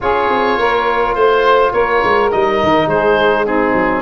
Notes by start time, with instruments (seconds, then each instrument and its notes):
0.00 tuba C#4, trombone F4, saxophone G#4, oboe C#5
0.29 tuba C4
0.58 tuba A#3, saxophone A#4
1.14 tuba A3, oboe C5, saxophone C5
1.72 tuba A#3, saxophone A#4, oboe C#5
2.03 tuba G#3
2.31 tuba G3, trombone D#4, oboe D#5
2.62 tuba D#3
2.86 tuba G#3, saxophone G#4, oboe C5
3.46 trombone C4, saxophone D#4, oboe G#4
3.73 tuba F#3